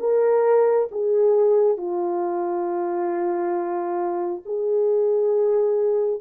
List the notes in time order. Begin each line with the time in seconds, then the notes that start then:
0.00 A#4
0.91 G#4
1.77 F4
4.45 G#4